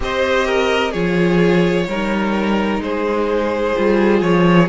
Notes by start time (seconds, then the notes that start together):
0.00 C4 G4 C5 D#5
0.46 A#4
0.91 F3 F4 G#4 C#5
1.87 G3 D#4 A#4
2.79 G#3 G#4 C5
3.75 G3 F4
4.21 F3 C#5